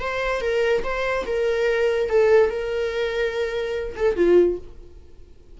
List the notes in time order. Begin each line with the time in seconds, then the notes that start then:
0.00 C5
0.41 A#4
0.83 C5
1.26 A#4
2.09 A4
2.49 A#4
3.96 A4
4.16 F4